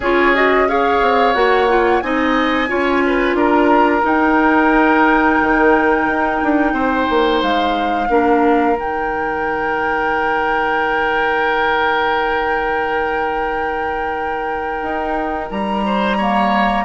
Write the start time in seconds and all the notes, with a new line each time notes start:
0.00 C#4 F4 G#4 C#5
0.35 F#4 D#5
0.68 G#4 C#5 F5
1.01 C4
1.33 A#3 F#4 F#5
1.68 F4
2.01 C4 D#4 D#5 G#5
2.68 C#4 F4 C#5
3.06 B4
3.34 D4 A#4 A#5
4.02 D#4 G5
5.41 D#3
6.07 D#4
6.43 D4
6.72 C4 C5
7.09 A#3
7.42 G#3 F5
8.09 A#3 D4 A#4
8.76 D#3 D#4 G5
14.82 D#4
15.50 G3 A#5
15.85 C5
16.17 A#3 C#5